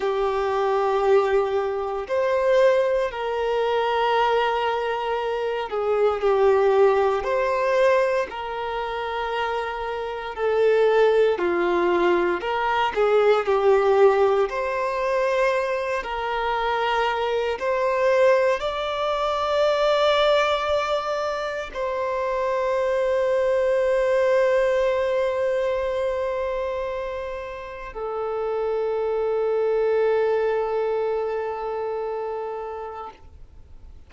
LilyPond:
\new Staff \with { instrumentName = "violin" } { \time 4/4 \tempo 4 = 58 g'2 c''4 ais'4~ | ais'4. gis'8 g'4 c''4 | ais'2 a'4 f'4 | ais'8 gis'8 g'4 c''4. ais'8~ |
ais'4 c''4 d''2~ | d''4 c''2.~ | c''2. a'4~ | a'1 | }